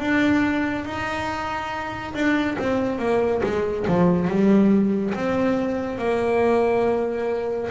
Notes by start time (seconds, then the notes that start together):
0.00 D4
0.85 D#4
2.15 D4
2.59 C4
2.99 A#3
3.44 G#3
3.88 F3
4.28 G3
5.14 C4
5.98 A#3